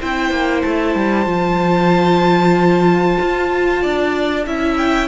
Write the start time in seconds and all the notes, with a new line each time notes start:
0.00 C4 E4 C5 G5
0.31 A#3
0.62 A3 A5
0.95 G3
1.26 F3 F4
3.21 F4
3.82 D4 D5
4.47 C#4 E4 E5
4.77 G5